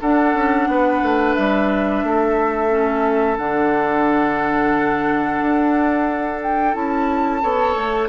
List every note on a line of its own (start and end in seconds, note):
0.00 0.34 D4
0.00 2.69 D4
0.00 0.68 A4
0.00 1.34 F#5
0.34 0.67 C#4
0.67 1.01 B3
0.67 2.05 B4
1.02 1.35 A3
1.34 2.03 G3
1.34 3.36 E5
2.03 3.38 A3
2.03 7.42 A4
2.69 3.36 C#4
3.37 5.40 D3
3.37 6.73 D4
3.37 6.40 F#5
5.41 6.75 D4
6.41 6.74 G5
6.73 7.42 C#4
6.73 7.41 E4
6.73 8.08 A5
7.41 7.75 B3
7.41 8.08 A4
7.41 8.08 C#5
7.75 8.08 A3